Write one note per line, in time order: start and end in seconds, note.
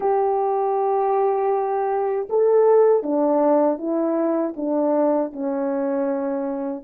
0.00 2.28 G4
2.29 3.02 A4
3.02 3.78 D4
3.78 4.54 E4
4.56 5.32 D4
5.32 6.83 C#4